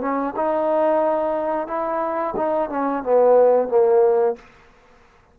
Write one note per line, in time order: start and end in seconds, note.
0.00 0.34 C#4
0.36 1.67 D#4
1.67 2.34 E4
2.36 2.69 D#4
2.69 3.02 C#4
3.02 3.68 B3
3.68 4.35 A#3